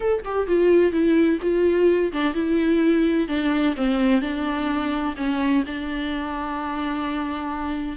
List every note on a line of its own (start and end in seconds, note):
0.00 0.23 A4
0.24 0.47 G4
0.47 0.92 F4
0.92 1.38 E4
1.41 2.12 F4
2.12 2.34 D4
2.34 3.27 E4
3.28 3.75 D4
3.76 4.21 C4
4.21 5.15 D4
5.16 5.63 C#4
5.66 7.96 D4